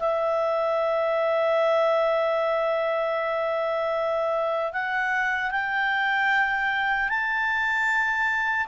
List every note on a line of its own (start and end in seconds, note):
0.00 4.73 E5
4.73 5.52 F#5
5.52 7.09 G5
7.09 8.67 A5